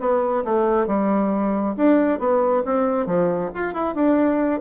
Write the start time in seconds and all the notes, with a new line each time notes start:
0.00 B3
0.45 A3
0.87 G3
1.77 D4
2.19 B3
2.66 C4
3.06 F3
3.55 F4
3.74 E4
3.95 D4